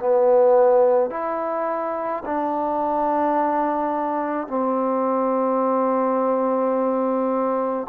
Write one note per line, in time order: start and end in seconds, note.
0.00 1.10 B3
1.10 2.23 E4
2.25 4.48 D4
4.48 7.87 C4